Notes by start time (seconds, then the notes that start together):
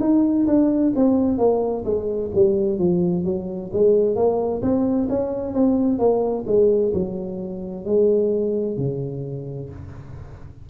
0.00 D#4
0.47 D4
0.95 C4
1.38 A#3
1.85 G#3
2.35 G3
2.78 F3
3.24 F#3
3.73 G#3
4.15 A#3
4.62 C4
5.09 C#4
5.53 C4
5.98 A#3
6.47 G#3
6.93 F#3
7.85 G#3
8.77 C#3